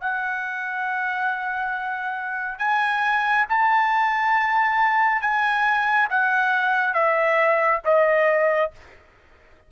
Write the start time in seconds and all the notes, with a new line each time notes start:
0.00 F#5
2.58 G#5
3.48 A5
5.21 G#5
6.09 F#5
6.94 E5
7.84 D#5